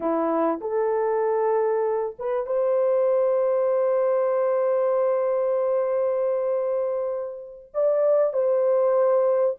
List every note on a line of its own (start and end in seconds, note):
0.00 0.60 E4
0.60 2.15 A4
2.18 2.46 B4
2.46 7.72 C5
7.73 8.33 D5
8.33 9.57 C5